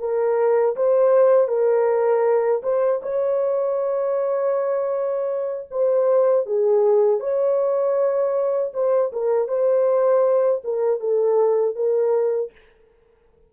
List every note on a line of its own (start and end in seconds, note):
0.00 0.76 A#4
0.77 1.48 C5
1.48 2.62 A#4
2.63 3.01 C5
3.03 5.69 C#5
5.71 6.46 C5
6.46 7.20 G#4
7.20 8.72 C#5
8.74 9.12 C5
9.13 9.48 A#4
9.48 10.62 C5
10.65 11.01 A#4
11.01 11.76 A4
11.76 12.52 A#4